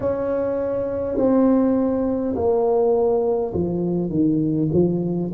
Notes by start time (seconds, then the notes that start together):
0.00 C#4
1.17 C4
2.35 A#3
3.53 F3
4.09 D#3
4.73 F3